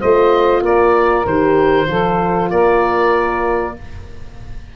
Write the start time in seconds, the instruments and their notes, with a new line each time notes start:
0.00 tuba A3, horn F4, saxophone C5, oboe D#5
0.62 tuba A#3, saxophone A#4, oboe D5
1.25 tuba D#3, horn G4, oboe C5
1.87 tuba F3, horn F4, saxophone A4
2.50 tuba A#3, saxophone A#4, oboe D5